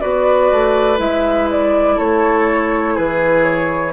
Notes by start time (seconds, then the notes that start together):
0.00 B3 F#4 B4 D5
0.51 A3
0.97 G#3 E4 E5
1.50 D5
1.96 A3 A4 C#5
2.94 E3 G#4 B4
3.43 C#5